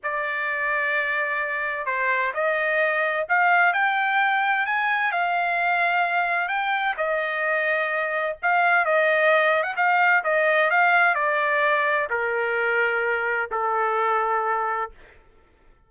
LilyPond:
\new Staff \with { instrumentName = "trumpet" } { \time 4/4 \tempo 4 = 129 d''1 | c''4 dis''2 f''4 | g''2 gis''4 f''4~ | f''2 g''4 dis''4~ |
dis''2 f''4 dis''4~ | dis''8. fis''16 f''4 dis''4 f''4 | d''2 ais'2~ | ais'4 a'2. | }